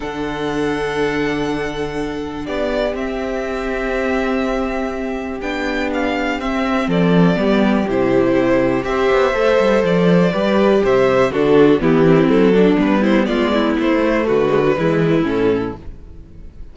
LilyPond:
<<
  \new Staff \with { instrumentName = "violin" } { \time 4/4 \tempo 4 = 122 fis''1~ | fis''4 d''4 e''2~ | e''2. g''4 | f''4 e''4 d''2 |
c''2 e''2 | d''2 e''4 a'4 | g'4 a'4 b'8 c''8 d''4 | c''4 b'2 a'4 | }
  \new Staff \with { instrumentName = "violin" } { \time 4/4 a'1~ | a'4 g'2.~ | g'1~ | g'2 a'4 g'4~ |
g'2 c''2~ | c''4 b'4 c''4 fis'4 | e'4. d'4 e'8 f'8 e'8~ | e'4 fis'4 e'2 | }
  \new Staff \with { instrumentName = "viola" } { \time 4/4 d'1~ | d'2 c'2~ | c'2. d'4~ | d'4 c'2 b4 |
e'2 g'4 a'4~ | a'4 g'2 d'4 | b8 c'4 d'8 b2~ | b8 a4 gis16 fis16 gis4 cis'4 | }
  \new Staff \with { instrumentName = "cello" } { \time 4/4 d1~ | d4 b4 c'2~ | c'2. b4~ | b4 c'4 f4 g4 |
c2 c'8 b8 a8 g8 | f4 g4 c4 d4 | e4 fis4 g4 gis4 | a4 d4 e4 a,4 | }
>>